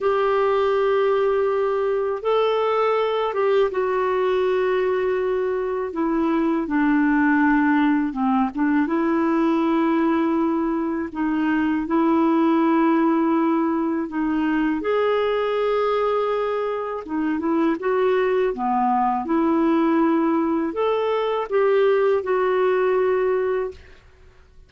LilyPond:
\new Staff \with { instrumentName = "clarinet" } { \time 4/4 \tempo 4 = 81 g'2. a'4~ | a'8 g'8 fis'2. | e'4 d'2 c'8 d'8 | e'2. dis'4 |
e'2. dis'4 | gis'2. dis'8 e'8 | fis'4 b4 e'2 | a'4 g'4 fis'2 | }